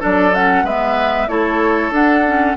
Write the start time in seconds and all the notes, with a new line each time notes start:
0.00 F#3 D4 A4 D5
0.35 C#4 F#5
0.64 G#3 B3 B4 E5
1.29 A3 E4 A4 C#5
1.91 D4 F#5
2.27 C#4